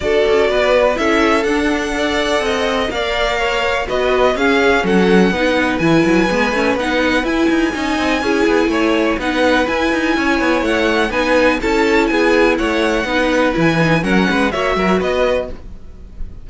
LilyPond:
<<
  \new Staff \with { instrumentName = "violin" } { \time 4/4 \tempo 4 = 124 d''2 e''4 fis''4~ | fis''2 f''2 | dis''4 f''4 fis''2 | gis''2 fis''4 gis''4~ |
gis''2. fis''4 | gis''2 fis''4 gis''4 | a''4 gis''4 fis''2 | gis''4 fis''4 e''4 dis''4 | }
  \new Staff \with { instrumentName = "violin" } { \time 4/4 a'4 b'4 a'2 | d''4 dis''4 d''4 cis''4 | b'4 gis'4 a'4 b'4~ | b'1 |
dis''4 gis'4 cis''4 b'4~ | b'4 cis''2 b'4 | a'4 gis'4 cis''4 b'4~ | b'4 ais'8 b'8 cis''8 ais'8 b'4 | }
  \new Staff \with { instrumentName = "viola" } { \time 4/4 fis'2 e'4 d'4 | a'2 ais'2 | fis'4 cis'2 dis'4 | e'4 b8 cis'8 dis'4 e'4 |
dis'4 e'2 dis'4 | e'2. dis'4 | e'2. dis'4 | e'8 dis'8 cis'4 fis'2 | }
  \new Staff \with { instrumentName = "cello" } { \time 4/4 d'8 cis'8 b4 cis'4 d'4~ | d'4 c'4 ais2 | b4 cis'4 fis4 b4 | e8 fis8 gis8 a8 b4 e'8 dis'8 |
cis'8 c'8 cis'8 b8 a4 b4 | e'8 dis'8 cis'8 b8 a4 b4 | cis'4 b4 a4 b4 | e4 fis8 gis8 ais8 fis8 b4 | }
>>